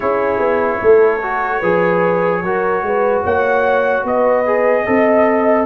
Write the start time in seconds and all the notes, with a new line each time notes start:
0.00 C#4 E4 G#4 C#5
0.38 B3
0.81 A3 A4
1.22 F#4
1.59 F3 G#4 B4
2.42 F#3 F#4 A#4
2.82 G#3 B4
3.23 A#3 C#5 F#5
4.04 B3 B4 D#5
4.46 G#4
4.84 C4 A4 D#5